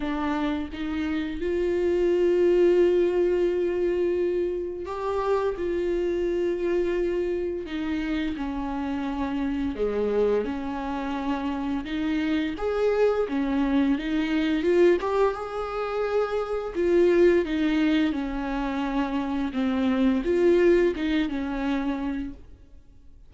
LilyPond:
\new Staff \with { instrumentName = "viola" } { \time 4/4 \tempo 4 = 86 d'4 dis'4 f'2~ | f'2. g'4 | f'2. dis'4 | cis'2 gis4 cis'4~ |
cis'4 dis'4 gis'4 cis'4 | dis'4 f'8 g'8 gis'2 | f'4 dis'4 cis'2 | c'4 f'4 dis'8 cis'4. | }